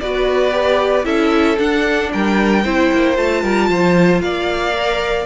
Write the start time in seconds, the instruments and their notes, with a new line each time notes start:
0.00 cello B3, viola F#4, violin B4 D5
0.51 viola G4
1.04 cello C#4, viola E4, violin A4 E5
1.57 viola D4, cello D4, violin F#5
2.13 cello G3, violin A#4 G5
2.64 cello C4, viola E4, violin C5
2.92 cello A#3
3.15 cello A3, viola F4, violin A5
3.43 cello G3, violin A#4
3.69 cello F3, violin C5
4.21 cello A#3, violin D5 F5
4.74 viola A#4